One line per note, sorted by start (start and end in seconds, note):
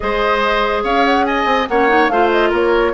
0.00 0.83 G#3
0.00 1.66 G#4
0.00 0.83 C5
0.00 0.82 D#5
0.83 1.45 C#4
0.83 1.25 C#5
0.83 1.05 F5
1.05 1.25 F#5
1.25 1.68 D#5
1.25 1.67 G#5
1.45 1.66 C4
1.68 2.09 A#3
1.68 1.88 C#4
1.68 2.12 C#5
1.68 2.08 F#5
1.88 2.09 D#4
2.08 2.51 A3
2.08 2.93 F4
2.08 2.49 C5
2.08 2.29 F5
2.31 2.52 D#5
2.49 2.93 A#3
2.49 2.91 A#4
2.49 2.93 C#5